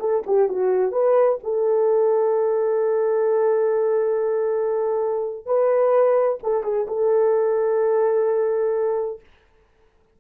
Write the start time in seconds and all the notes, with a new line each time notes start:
0.00 A4
0.27 G4
0.49 F#4
0.92 B4
1.44 A4
5.46 B4
6.43 A4
6.63 G#4
6.88 A4